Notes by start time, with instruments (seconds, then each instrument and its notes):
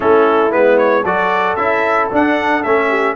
0.00 tuba A3, trombone C#4, horn E4, trumpet A4
0.51 tuba G#3, trombone B3, trumpet B4
0.77 trumpet C#5
1.03 tuba F#3, trombone F#4, horn A4, trumpet D5
1.56 tuba C#4, trombone E4, trumpet E5
2.11 trombone D4, tuba D4, trumpet F#5
2.63 tuba A3, trombone C#4, trumpet E5
2.88 horn G4